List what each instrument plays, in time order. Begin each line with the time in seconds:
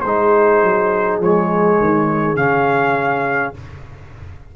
0.00 tuba G#3, trombone D#4, horn G#4, trumpet C5
0.62 tuba F#3
1.19 tuba F3, trombone G#3, trumpet C#5
1.79 tuba D#3
2.35 tuba C#3, trombone C#4, trumpet F5